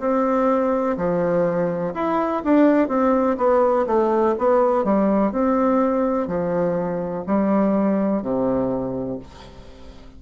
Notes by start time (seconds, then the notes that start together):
0.00 C4
0.97 F3
1.94 E4
2.44 D4
2.89 C4
3.37 B3
3.87 A3
4.39 B3
4.84 G3
5.32 C4
6.27 F3
7.27 G3
8.23 C3